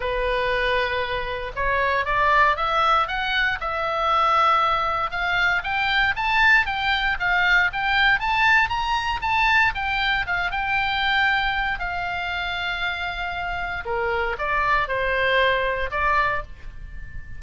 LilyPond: \new Staff \with { instrumentName = "oboe" } { \time 4/4 \tempo 4 = 117 b'2. cis''4 | d''4 e''4 fis''4 e''4~ | e''2 f''4 g''4 | a''4 g''4 f''4 g''4 |
a''4 ais''4 a''4 g''4 | f''8 g''2~ g''8 f''4~ | f''2. ais'4 | d''4 c''2 d''4 | }